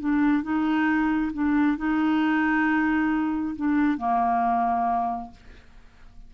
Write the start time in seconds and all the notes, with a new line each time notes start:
0.00 D4
0.43 D#4
1.33 D4
1.78 D#4
3.56 D4
3.98 A#3